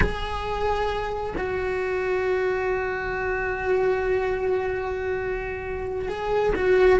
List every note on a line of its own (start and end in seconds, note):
0.00 1.34 G#4
1.37 6.08 F#4
6.08 6.53 G#4
6.55 6.99 F#4